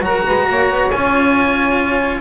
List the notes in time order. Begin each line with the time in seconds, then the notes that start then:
0.00 F#3 F#4 A#4 A#5
0.26 G#3 B4
0.50 A#3 C#5
0.70 B3
0.91 C#4 F4 G#5